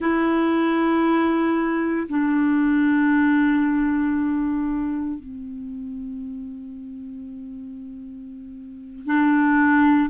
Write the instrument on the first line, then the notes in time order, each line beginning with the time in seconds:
clarinet
0.00 E4
2.08 D4
5.19 C4
9.06 D4